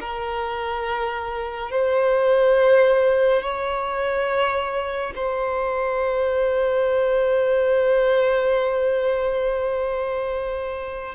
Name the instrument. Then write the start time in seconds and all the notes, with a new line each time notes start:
violin
0.00 A#4
1.71 C5
3.42 C#5
5.15 C5